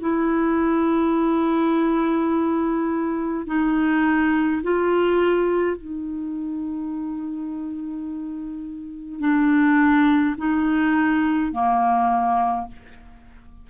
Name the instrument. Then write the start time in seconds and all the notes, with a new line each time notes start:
clarinet
0.00 E4
3.47 D#4
4.63 F4
5.77 D#4
9.20 D4
10.37 D#4
11.52 A#3